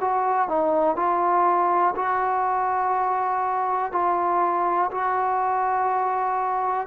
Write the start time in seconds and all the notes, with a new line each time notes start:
0.00 F#4
0.48 D#4
0.96 F4
1.95 F#4
3.92 F4
4.90 F#4